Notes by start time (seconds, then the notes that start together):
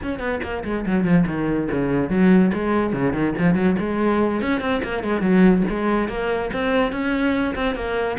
0.02 C#4
0.19 B3
0.42 A#3
0.64 G#3
0.86 F#3
1.04 F3
1.26 D#3
1.71 C#3
2.09 F#3
2.53 G#3
2.93 C#3
3.13 D#3
3.38 F3
3.55 F#3
3.79 G#3
4.41 C#4
4.60 C4
4.83 A#3
5.03 G#3
5.21 F#3
5.69 G#3
6.08 A#3
6.53 C4
6.92 C#4
7.55 C4
7.75 A#3